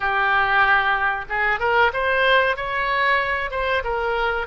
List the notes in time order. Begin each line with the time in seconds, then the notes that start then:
0.00 G4
1.29 G#4
1.59 A#4
1.93 C5
2.56 C#5
3.50 C5
3.84 A#4